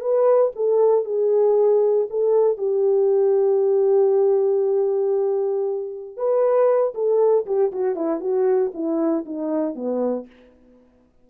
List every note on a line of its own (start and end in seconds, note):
0.00 0.51 B4
0.55 1.05 A4
1.05 2.07 G#4
2.10 2.57 A4
2.57 6.16 G4
6.17 6.93 B4
6.94 7.45 A4
7.46 7.71 G4
7.72 7.95 F#4
7.95 8.20 E4
8.20 8.72 F#4
8.74 9.25 E4
9.25 9.75 D#4
9.75 10.26 B3